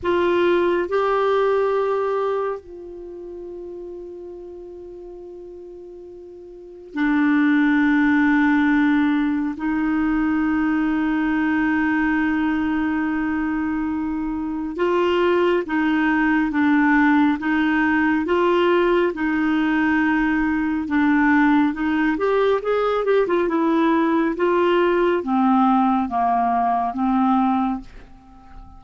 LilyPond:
\new Staff \with { instrumentName = "clarinet" } { \time 4/4 \tempo 4 = 69 f'4 g'2 f'4~ | f'1 | d'2. dis'4~ | dis'1~ |
dis'4 f'4 dis'4 d'4 | dis'4 f'4 dis'2 | d'4 dis'8 g'8 gis'8 g'16 f'16 e'4 | f'4 c'4 ais4 c'4 | }